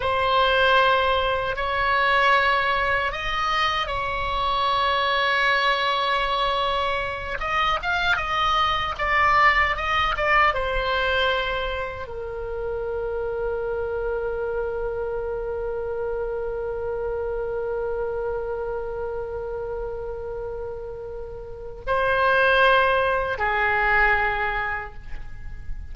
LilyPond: \new Staff \with { instrumentName = "oboe" } { \time 4/4 \tempo 4 = 77 c''2 cis''2 | dis''4 cis''2.~ | cis''4. dis''8 f''8 dis''4 d''8~ | d''8 dis''8 d''8 c''2 ais'8~ |
ais'1~ | ais'1~ | ais'1 | c''2 gis'2 | }